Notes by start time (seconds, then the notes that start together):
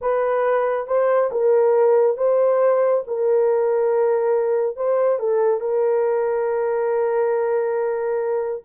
0.01 B4
0.87 C5
1.31 A#4
2.17 C5
3.07 A#4
4.76 C5
5.19 A4
5.60 A#4